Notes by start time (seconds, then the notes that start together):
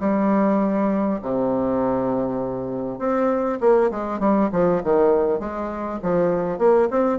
0.00 G3
1.22 C3
2.99 C4
3.60 A#3
3.91 G#3
4.19 G3
4.52 F3
4.84 D#3
5.39 G#3
6.02 F3
6.58 A#3
6.90 C4